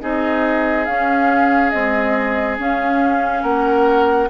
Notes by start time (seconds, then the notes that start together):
0.00 C4 D#4 G#4 D#5
0.85 C#4 F5
1.70 G#3 C4 D#5
2.58 C#4 F5
3.42 A#3 A#4 F#5